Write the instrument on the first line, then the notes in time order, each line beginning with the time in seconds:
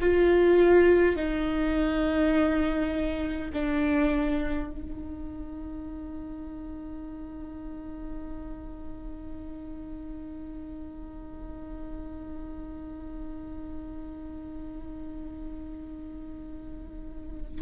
viola
0.00 F4
1.16 D#4
3.53 D4
4.71 D#4